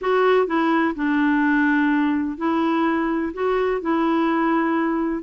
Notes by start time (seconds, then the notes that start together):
0.01 F#4
0.47 E4
0.95 D4
2.37 E4
3.33 F#4
3.81 E4